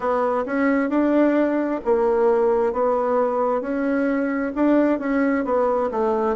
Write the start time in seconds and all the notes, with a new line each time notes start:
0.00 B3
0.45 C#4
0.89 D4
1.84 A#3
2.73 B3
3.61 C#4
4.55 D4
4.99 C#4
5.44 B3
5.91 A3